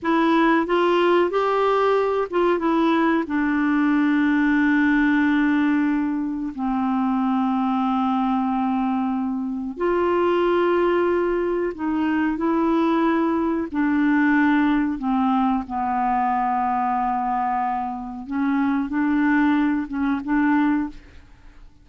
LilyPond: \new Staff \with { instrumentName = "clarinet" } { \time 4/4 \tempo 4 = 92 e'4 f'4 g'4. f'8 | e'4 d'2.~ | d'2 c'2~ | c'2. f'4~ |
f'2 dis'4 e'4~ | e'4 d'2 c'4 | b1 | cis'4 d'4. cis'8 d'4 | }